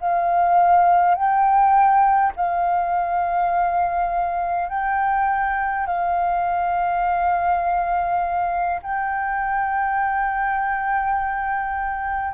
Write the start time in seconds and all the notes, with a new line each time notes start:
0.00 F5
1.14 G5
2.36 F5
4.69 G5
5.86 F5
8.82 G5